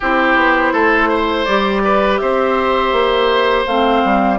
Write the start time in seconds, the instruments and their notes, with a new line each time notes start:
0.00 bassoon C4, clarinet E4, oboe G4, flute C5
0.36 bassoon B3
0.73 bassoon A3, oboe A4
1.08 oboe C5
1.45 bassoon G3, clarinet G4, flute D5
1.84 oboe B4
2.17 bassoon C4, oboe C5, flute E5
2.92 bassoon A#3
3.66 bassoon A3, clarinet C4, flute F5
4.04 bassoon G3